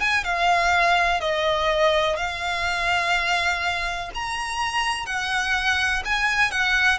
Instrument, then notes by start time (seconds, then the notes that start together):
violin
0.00 G#5
0.24 F5
1.21 D#5
2.17 F5
4.15 A#5
5.06 F#5
6.05 G#5
6.51 F#5